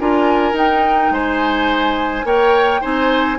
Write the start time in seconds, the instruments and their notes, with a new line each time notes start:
0.00 bassoon D4, clarinet F4, oboe A#4, flute G#5
0.53 bassoon D#4, clarinet D#4, flute G5
1.11 bassoon G#3, oboe C5, flute G#5
2.25 bassoon A#3, clarinet A#4, oboe C#5, flute G5
2.81 bassoon C4, clarinet D#4, oboe C5, flute G#5